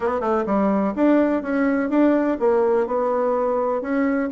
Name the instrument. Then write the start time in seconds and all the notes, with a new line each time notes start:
bassoon
0.00 B3
0.20 A3
0.46 G3
0.95 D4
1.42 C#4
1.89 D4
2.39 A#3
2.86 B3
3.81 C#4